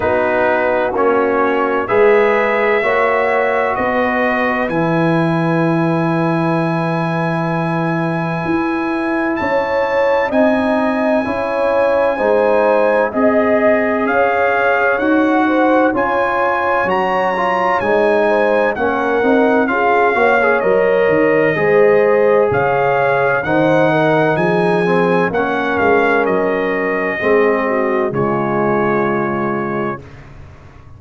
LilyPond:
<<
  \new Staff \with { instrumentName = "trumpet" } { \time 4/4 \tempo 4 = 64 b'4 cis''4 e''2 | dis''4 gis''2.~ | gis''2 a''4 gis''4~ | gis''2 dis''4 f''4 |
fis''4 gis''4 ais''4 gis''4 | fis''4 f''4 dis''2 | f''4 fis''4 gis''4 fis''8 f''8 | dis''2 cis''2 | }
  \new Staff \with { instrumentName = "horn" } { \time 4/4 fis'2 b'4 cis''4 | b'1~ | b'2 cis''4 dis''4 | cis''4 c''4 dis''4 cis''4~ |
cis''8 c''8 cis''2~ cis''8 c''8 | ais'4 gis'8 cis''4. c''4 | cis''4 c''8 ais'8 gis'4 ais'4~ | ais'4 gis'8 fis'8 f'2 | }
  \new Staff \with { instrumentName = "trombone" } { \time 4/4 dis'4 cis'4 gis'4 fis'4~ | fis'4 e'2.~ | e'2. dis'4 | e'4 dis'4 gis'2 |
fis'4 f'4 fis'8 f'8 dis'4 | cis'8 dis'8 f'8 fis'16 gis'16 ais'4 gis'4~ | gis'4 dis'4. c'8 cis'4~ | cis'4 c'4 gis2 | }
  \new Staff \with { instrumentName = "tuba" } { \time 4/4 b4 ais4 gis4 ais4 | b4 e2.~ | e4 e'4 cis'4 c'4 | cis'4 gis4 c'4 cis'4 |
dis'4 cis'4 fis4 gis4 | ais8 c'8 cis'8 ais8 fis8 dis8 gis4 | cis4 dis4 f4 ais8 gis8 | fis4 gis4 cis2 | }
>>